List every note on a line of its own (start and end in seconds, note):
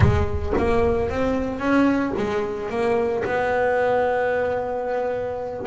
0.00 0.53 G#3
0.57 1.09 A#3
1.09 1.59 C4
1.59 2.13 C#4
2.17 2.69 G#3
2.69 3.23 A#3
3.24 5.66 B3